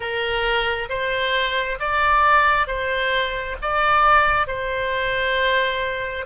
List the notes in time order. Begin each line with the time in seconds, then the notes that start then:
0.00 A#4
0.89 C5
1.79 D5
2.67 C5
3.61 D5
4.47 C5